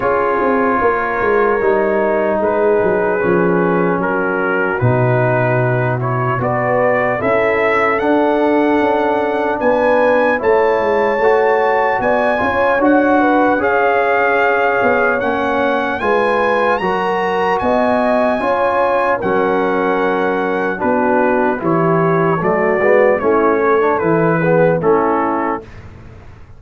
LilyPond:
<<
  \new Staff \with { instrumentName = "trumpet" } { \time 4/4 \tempo 4 = 75 cis''2. b'4~ | b'4 ais'4 b'4. cis''8 | d''4 e''4 fis''2 | gis''4 a''2 gis''4 |
fis''4 f''2 fis''4 | gis''4 ais''4 gis''2 | fis''2 b'4 cis''4 | d''4 cis''4 b'4 a'4 | }
  \new Staff \with { instrumentName = "horn" } { \time 4/4 gis'4 ais'2 gis'4~ | gis'4 fis'2. | b'4 a'2. | b'4 cis''2 d''8 cis''8~ |
cis''8 b'8 cis''2. | b'4 ais'4 dis''4 cis''4 | ais'2 fis'4 g'4 | fis'4 e'8 a'4 gis'8 e'4 | }
  \new Staff \with { instrumentName = "trombone" } { \time 4/4 f'2 dis'2 | cis'2 dis'4. e'8 | fis'4 e'4 d'2~ | d'4 e'4 fis'4. f'8 |
fis'4 gis'2 cis'4 | f'4 fis'2 f'4 | cis'2 d'4 e'4 | a8 b8 cis'8. d'16 e'8 b8 cis'4 | }
  \new Staff \with { instrumentName = "tuba" } { \time 4/4 cis'8 c'8 ais8 gis8 g4 gis8 fis8 | f4 fis4 b,2 | b4 cis'4 d'4 cis'4 | b4 a8 gis8 a4 b8 cis'8 |
d'4 cis'4. b8 ais4 | gis4 fis4 b4 cis'4 | fis2 b4 e4 | fis8 gis8 a4 e4 a4 | }
>>